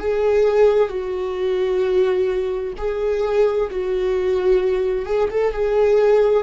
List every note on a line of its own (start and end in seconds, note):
0.00 0.89 G#4
0.89 2.74 F#4
2.78 3.70 G#4
3.70 5.06 F#4
5.06 5.29 G#4
5.31 5.53 A4
5.53 6.44 G#4